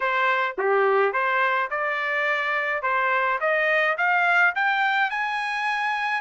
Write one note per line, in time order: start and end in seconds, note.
0.00 0.56 C5
0.58 1.12 G4
1.12 1.69 C5
1.70 2.82 D5
2.82 3.39 C5
3.40 3.96 D#5
3.97 4.54 F5
4.55 5.10 G5
5.10 6.21 G#5